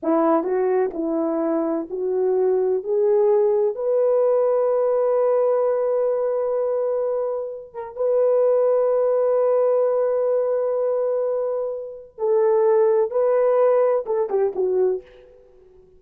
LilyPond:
\new Staff \with { instrumentName = "horn" } { \time 4/4 \tempo 4 = 128 e'4 fis'4 e'2 | fis'2 gis'2 | b'1~ | b'1~ |
b'8 ais'8 b'2.~ | b'1~ | b'2 a'2 | b'2 a'8 g'8 fis'4 | }